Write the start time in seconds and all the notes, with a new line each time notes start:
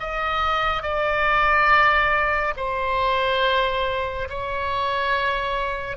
0.00 D#5
0.83 D5
2.57 C5
4.29 C#5